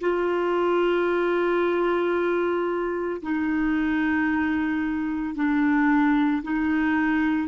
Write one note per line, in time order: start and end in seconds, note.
0.00 3.21 F4
3.22 5.35 D#4
5.35 6.42 D4
6.43 7.48 D#4